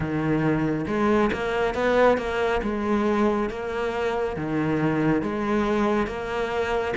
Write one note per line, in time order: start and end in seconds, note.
0.00 0.85 D#3
0.87 1.30 G#3
1.32 1.74 A#3
1.74 2.17 B3
2.17 2.61 A#3
2.62 3.49 G#3
3.49 4.36 A#3
4.36 5.22 D#3
5.22 6.07 G#3
6.07 6.94 A#3